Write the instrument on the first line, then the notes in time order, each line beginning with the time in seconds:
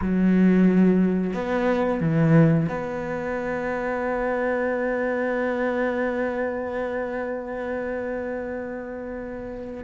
cello
0.01 F#3
1.33 B3
2.00 E3
2.68 B3